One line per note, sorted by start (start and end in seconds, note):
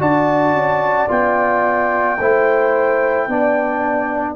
0.00 0.53 D4
0.00 1.08 F#4
0.00 2.19 D5
0.00 1.10 A5
0.53 1.08 C#4
1.08 2.20 B3
1.08 2.17 F4
1.08 4.36 G5
2.20 3.28 A3
2.20 3.30 E4
2.20 3.29 C5
3.28 4.36 B3
3.28 4.36 D4
3.28 4.36 D5